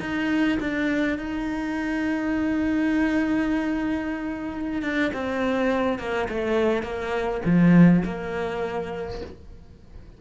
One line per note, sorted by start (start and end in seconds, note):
0.00 0.58 D#4
0.60 1.18 D4
1.19 4.82 D#4
4.82 5.11 D4
5.14 5.99 C4
5.99 6.28 A#3
6.29 6.83 A3
6.83 7.41 A#3
7.45 8.04 F3
8.05 9.21 A#3